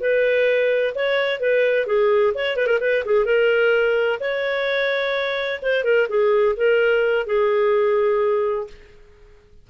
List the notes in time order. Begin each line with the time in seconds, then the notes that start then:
0.00 B4
0.95 C#5
1.40 B4
1.86 G#4
2.34 C#5
2.56 B4
2.67 A#4
2.80 B4
3.05 G#4
3.25 A#4
4.20 C#5
5.62 C5
5.84 A#4
6.09 G#4
6.56 A#4
7.26 G#4